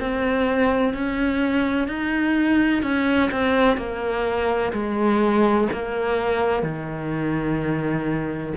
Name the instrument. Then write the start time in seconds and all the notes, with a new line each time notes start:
cello
0.00 C4
0.94 C#4
1.88 D#4
2.83 C#4
3.31 C4
3.77 A#3
4.72 G#3
5.73 A#3
6.62 D#3